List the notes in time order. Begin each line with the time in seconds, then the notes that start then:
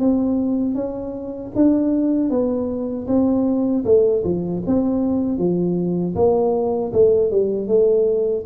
0.00 C4
0.75 C#4
1.56 D4
2.30 B3
3.08 C4
3.85 A3
4.24 F3
4.66 C4
5.38 F3
6.16 A#3
6.93 A3
7.31 G3
7.68 A3